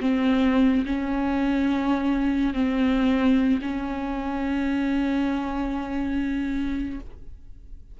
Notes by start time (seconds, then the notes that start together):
0.00 C4
0.85 C#4
2.54 C4
3.61 C#4